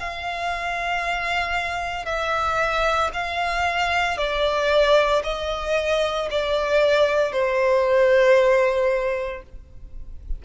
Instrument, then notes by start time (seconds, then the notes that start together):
violin
0.00 F5
2.05 E5
3.13 F5
4.17 D5
5.23 D#5
6.31 D5
7.32 C5